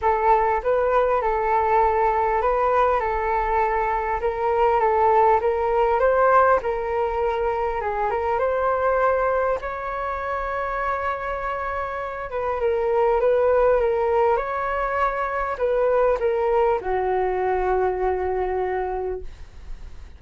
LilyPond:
\new Staff \with { instrumentName = "flute" } { \time 4/4 \tempo 4 = 100 a'4 b'4 a'2 | b'4 a'2 ais'4 | a'4 ais'4 c''4 ais'4~ | ais'4 gis'8 ais'8 c''2 |
cis''1~ | cis''8 b'8 ais'4 b'4 ais'4 | cis''2 b'4 ais'4 | fis'1 | }